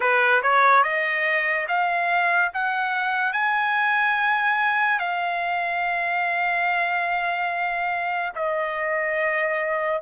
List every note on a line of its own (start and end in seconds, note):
0.00 0.41 B4
0.42 0.83 C#5
0.83 1.66 D#5
1.68 2.51 F5
2.53 3.32 F#5
3.32 4.98 G#5
4.98 8.32 F5
8.35 10.02 D#5